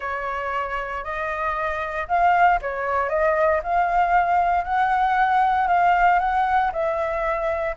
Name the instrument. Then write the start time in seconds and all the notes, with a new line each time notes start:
flute
0.00 C#5
1.03 D#5
2.08 F5
2.61 C#5
3.09 D#5
3.63 F5
4.64 F#5
5.67 F5
6.19 F#5
6.72 E5